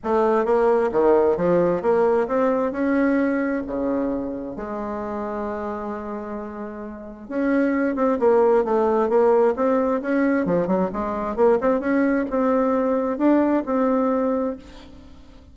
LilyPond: \new Staff \with { instrumentName = "bassoon" } { \time 4/4 \tempo 4 = 132 a4 ais4 dis4 f4 | ais4 c'4 cis'2 | cis2 gis2~ | gis1 |
cis'4. c'8 ais4 a4 | ais4 c'4 cis'4 f8 fis8 | gis4 ais8 c'8 cis'4 c'4~ | c'4 d'4 c'2 | }